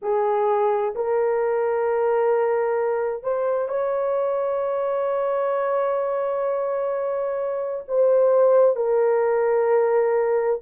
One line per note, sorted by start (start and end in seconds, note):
0.02 0.94 G#4
0.95 3.23 A#4
3.23 3.68 C5
3.68 7.83 C#5
7.88 8.76 C5
8.76 10.60 A#4